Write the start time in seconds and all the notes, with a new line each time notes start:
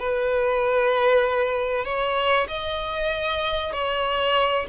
0.00 B4
1.85 C#5
2.48 D#5
3.73 C#5